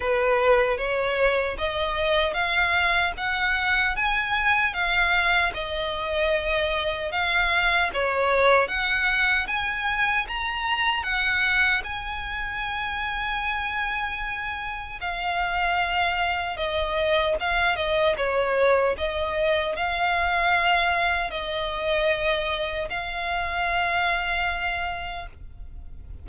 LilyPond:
\new Staff \with { instrumentName = "violin" } { \time 4/4 \tempo 4 = 76 b'4 cis''4 dis''4 f''4 | fis''4 gis''4 f''4 dis''4~ | dis''4 f''4 cis''4 fis''4 | gis''4 ais''4 fis''4 gis''4~ |
gis''2. f''4~ | f''4 dis''4 f''8 dis''8 cis''4 | dis''4 f''2 dis''4~ | dis''4 f''2. | }